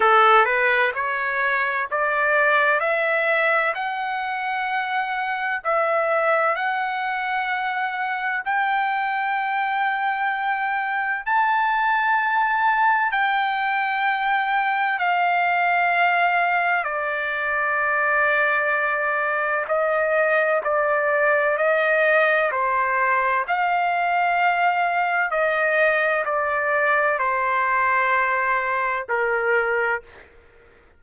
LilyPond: \new Staff \with { instrumentName = "trumpet" } { \time 4/4 \tempo 4 = 64 a'8 b'8 cis''4 d''4 e''4 | fis''2 e''4 fis''4~ | fis''4 g''2. | a''2 g''2 |
f''2 d''2~ | d''4 dis''4 d''4 dis''4 | c''4 f''2 dis''4 | d''4 c''2 ais'4 | }